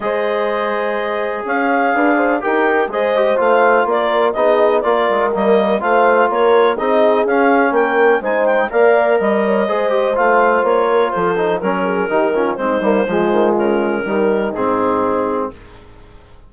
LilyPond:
<<
  \new Staff \with { instrumentName = "clarinet" } { \time 4/4 \tempo 4 = 124 dis''2. f''4~ | f''4 g''4 dis''4 f''4 | d''4 dis''4 d''4 dis''4 | f''4 cis''4 dis''4 f''4 |
g''4 gis''8 g''8 f''4 dis''4~ | dis''4 f''4 cis''4 c''4 | ais'2 c''2 | ais'2 gis'2 | }
  \new Staff \with { instrumentName = "horn" } { \time 4/4 c''2. cis''4 | b'8 c''8 ais'4 c''2 | ais'4 gis'4 ais'2 | c''4 ais'4 gis'2 |
ais'4 c''4 d''4 dis''8 cis''8 | c''2~ c''8 ais'8 a'4 | ais'8 gis'8 g'8 f'8 dis'4 f'4~ | f'4 dis'2. | }
  \new Staff \with { instrumentName = "trombone" } { \time 4/4 gis'1~ | gis'4 g'4 gis'8 g'8 f'4~ | f'4 dis'4 f'4 ais4 | f'2 dis'4 cis'4~ |
cis'4 dis'4 ais'2 | gis'8 g'8 f'2~ f'8 dis'8 | cis'4 dis'8 cis'8 c'8 ais8 gis4~ | gis4 g4 c'2 | }
  \new Staff \with { instrumentName = "bassoon" } { \time 4/4 gis2. cis'4 | d'4 dis'4 gis4 a4 | ais4 b4 ais8 gis8 g4 | a4 ais4 c'4 cis'4 |
ais4 gis4 ais4 g4 | gis4 a4 ais4 f4 | fis4 dis4 gis8 g8 f8 dis8 | cis4 dis4 gis,2 | }
>>